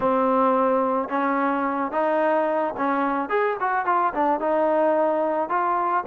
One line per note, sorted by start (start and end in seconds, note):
0.00 1.09 C4
1.09 1.91 C#4
1.91 2.74 D#4
2.77 3.29 C#4
3.29 3.56 G#4
3.59 3.85 F#4
3.85 4.13 F4
4.14 4.40 D4
4.40 5.49 D#4
5.49 6.04 F4